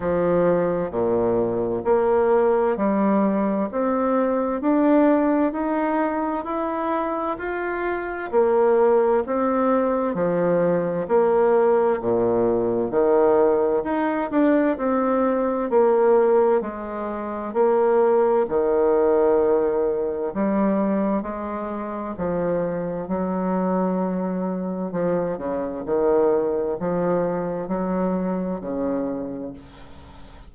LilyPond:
\new Staff \with { instrumentName = "bassoon" } { \time 4/4 \tempo 4 = 65 f4 ais,4 ais4 g4 | c'4 d'4 dis'4 e'4 | f'4 ais4 c'4 f4 | ais4 ais,4 dis4 dis'8 d'8 |
c'4 ais4 gis4 ais4 | dis2 g4 gis4 | f4 fis2 f8 cis8 | dis4 f4 fis4 cis4 | }